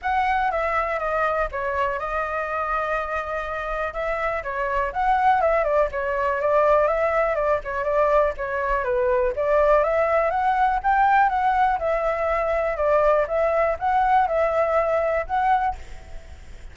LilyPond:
\new Staff \with { instrumentName = "flute" } { \time 4/4 \tempo 4 = 122 fis''4 e''4 dis''4 cis''4 | dis''1 | e''4 cis''4 fis''4 e''8 d''8 | cis''4 d''4 e''4 d''8 cis''8 |
d''4 cis''4 b'4 d''4 | e''4 fis''4 g''4 fis''4 | e''2 d''4 e''4 | fis''4 e''2 fis''4 | }